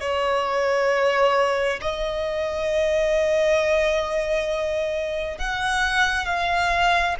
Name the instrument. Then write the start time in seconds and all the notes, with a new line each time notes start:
violin
0.00 C#5
1.81 D#5
5.38 F#5
6.25 F5